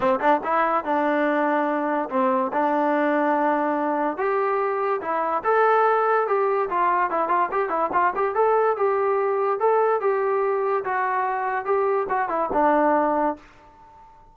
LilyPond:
\new Staff \with { instrumentName = "trombone" } { \time 4/4 \tempo 4 = 144 c'8 d'8 e'4 d'2~ | d'4 c'4 d'2~ | d'2 g'2 | e'4 a'2 g'4 |
f'4 e'8 f'8 g'8 e'8 f'8 g'8 | a'4 g'2 a'4 | g'2 fis'2 | g'4 fis'8 e'8 d'2 | }